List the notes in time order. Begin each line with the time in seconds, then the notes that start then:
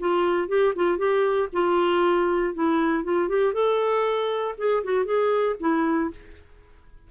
0.00 F4
0.49 G4
0.76 F4
0.98 G4
1.53 F4
2.54 E4
3.04 F4
3.29 G4
3.54 A4
4.58 G#4
4.84 F#4
5.05 G#4
5.60 E4